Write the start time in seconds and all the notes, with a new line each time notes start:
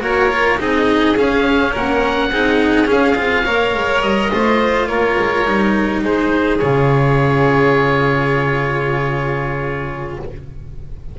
0.00 A#3 F#4 A#4 C#5
0.29 F4
0.58 C4 D#4 G#4 D#5
1.17 C#4 F5
1.72 A#3 A#4 F#5
2.32 C4 D#4 G#4
2.86 C#4 F5
3.15 C4 F4
3.44 A#3 A#4 C#5
3.75 G#3
4.02 G3 D#5
4.31 A3 F4 C5
4.87 A#3 A#4 C#5
5.19 G#3
5.45 G3 D#4
6.02 G#3 G#4 C5
6.58 C#3 F4 C#5